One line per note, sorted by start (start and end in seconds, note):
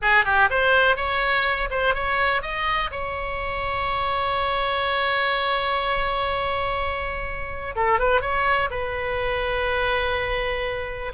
0.02 0.25 G#4
0.25 0.49 G4
0.50 0.96 C5
0.96 1.69 C#5
1.70 1.94 C5
1.94 2.42 C#5
2.42 2.90 D#5
2.91 7.75 C#5
7.75 7.99 A4
7.99 8.21 B4
8.21 8.69 C#5
8.70 11.12 B4